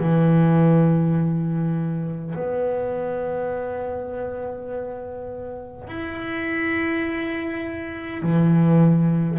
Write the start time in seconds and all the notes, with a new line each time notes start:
0.00 E3
2.35 B3
5.88 E4
8.22 E3